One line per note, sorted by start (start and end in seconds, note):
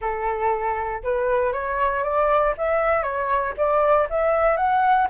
0.01 1.02 A4
1.03 1.52 B4
1.52 2.03 C#5
2.03 2.54 D5
2.57 3.02 E5
3.02 3.53 C#5
3.57 4.08 D5
4.10 4.56 E5
4.56 5.07 F#5